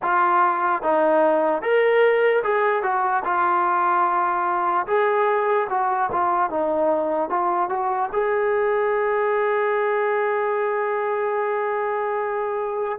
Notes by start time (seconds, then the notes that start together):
0.02 F4
0.82 D#4
1.61 A#4
2.43 G#4
2.82 F#4
3.24 F4
4.86 G#4
5.69 F#4
6.11 F4
6.50 D#4
7.29 F4
7.69 F#4
8.12 G#4